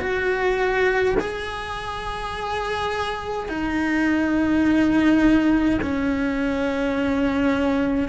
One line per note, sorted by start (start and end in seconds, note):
0.00 1.15 F#4
1.20 3.49 G#4
3.49 5.80 D#4
5.82 8.09 C#4